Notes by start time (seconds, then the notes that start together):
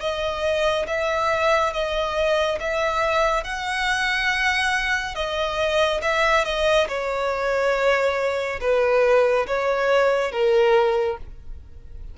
0.00 D#5
0.87 E5
1.73 D#5
2.59 E5
3.43 F#5
5.15 D#5
6.01 E5
6.44 D#5
6.88 C#5
8.60 B4
9.47 C#5
10.31 A#4